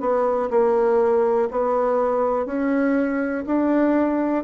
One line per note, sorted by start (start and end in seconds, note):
0.00 0.49 B3
0.50 1.48 A#3
1.51 2.46 B3
2.46 3.44 C#4
3.46 4.44 D4